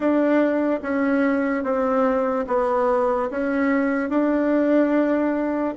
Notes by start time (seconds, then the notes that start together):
0.00 D4
0.82 C#4
1.63 C4
2.47 B3
3.30 C#4
4.09 D4